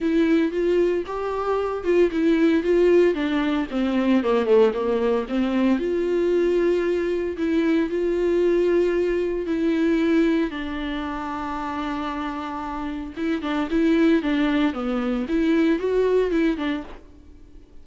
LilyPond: \new Staff \with { instrumentName = "viola" } { \time 4/4 \tempo 4 = 114 e'4 f'4 g'4. f'8 | e'4 f'4 d'4 c'4 | ais8 a8 ais4 c'4 f'4~ | f'2 e'4 f'4~ |
f'2 e'2 | d'1~ | d'4 e'8 d'8 e'4 d'4 | b4 e'4 fis'4 e'8 d'8 | }